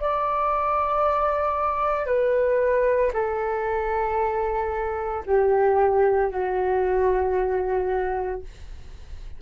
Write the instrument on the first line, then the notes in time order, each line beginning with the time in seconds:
flute
0.00 D5
2.07 B4
3.13 A4
5.26 G4
6.31 F#4